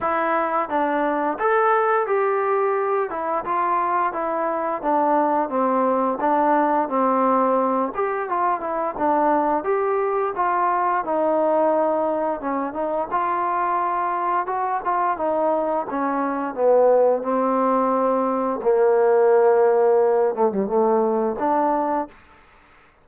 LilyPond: \new Staff \with { instrumentName = "trombone" } { \time 4/4 \tempo 4 = 87 e'4 d'4 a'4 g'4~ | g'8 e'8 f'4 e'4 d'4 | c'4 d'4 c'4. g'8 | f'8 e'8 d'4 g'4 f'4 |
dis'2 cis'8 dis'8 f'4~ | f'4 fis'8 f'8 dis'4 cis'4 | b4 c'2 ais4~ | ais4. a16 g16 a4 d'4 | }